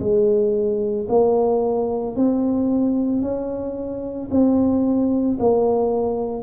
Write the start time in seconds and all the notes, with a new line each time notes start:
0.00 G#3
1.09 A#3
2.16 C4
3.22 C#4
4.31 C4
5.40 A#3